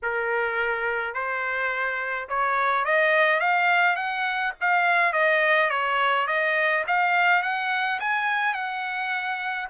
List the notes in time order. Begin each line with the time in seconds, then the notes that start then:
0.02 A#4
1.14 C5
2.28 C#5
2.84 D#5
3.40 F5
3.96 F#5
4.61 F5
5.12 D#5
5.70 C#5
6.27 D#5
6.87 F5
7.42 F#5
7.99 G#5
8.54 F#5